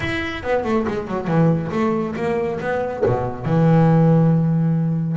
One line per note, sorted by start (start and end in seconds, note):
0.00 0.43 E4
0.43 0.64 B3
0.64 0.86 A3
0.87 1.07 G#3
1.07 1.27 F#3
1.27 1.70 E3
1.71 2.14 A3
2.16 2.59 A#3
2.60 3.03 B3
3.05 3.45 B2
3.45 5.17 E3